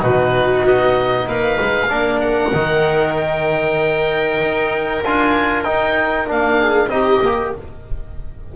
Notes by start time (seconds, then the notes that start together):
0.00 B2 D#4 F#4 B4
0.64 B3 D#5
1.28 A#3 B4 F5
1.61 G#3
1.90 A#3 D4 A#4
2.21 F#5
2.54 D#3 D#4
3.17 G5
4.42 D#4
5.05 D4 F4 G#5
5.64 D#4 G5
6.27 A#3 D4 F5
6.60 G#4
6.89 C4 D#4 G4 D#5
7.22 A#3 G4